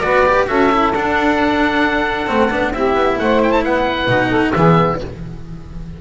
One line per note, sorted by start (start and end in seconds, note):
0.00 0.48 B3
0.00 0.26 F#4
0.00 0.48 B4
0.00 0.45 D5
0.26 0.47 G4
0.47 0.93 C#4
0.47 0.70 F#4
0.47 2.73 A4
0.47 0.92 E5
0.71 0.94 E4
0.94 2.29 D4
0.94 2.27 D4
0.94 2.73 F#5
2.27 2.51 A3
2.27 2.49 C4
2.50 2.72 B3
2.50 2.73 D4
2.72 2.94 C4
2.72 4.08 E4
2.72 3.19 G4
2.72 3.18 E5
2.94 3.17 B3
3.19 3.64 A3
3.19 3.64 C5
3.19 3.41 F#5
3.43 3.51 G5
3.51 3.63 A5
3.64 4.07 B3
3.64 4.28 B4
3.64 4.52 F#5
4.07 4.52 B2
4.07 4.53 D#4
4.28 4.51 A4
4.52 5.01 E3
4.52 5.00 B3
4.52 5.00 G#4
4.52 4.97 E5